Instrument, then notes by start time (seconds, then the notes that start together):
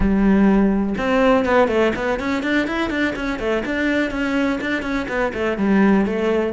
cello
0.00 G3
0.97 C4
1.45 B3
1.68 A3
1.95 B3
2.19 C#4
2.42 D4
2.67 E4
2.89 D4
3.15 C#4
3.39 A3
3.65 D4
4.10 C#4
4.61 D4
4.82 C#4
5.08 B3
5.33 A3
5.57 G3
6.05 A3